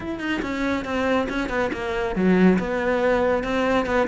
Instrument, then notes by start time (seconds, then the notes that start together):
cello
0.00 E4
0.19 D#4
0.42 C#4
0.84 C4
1.29 C#4
1.49 B3
1.72 A#3
2.15 F#3
2.58 B3
3.43 C4
3.86 B3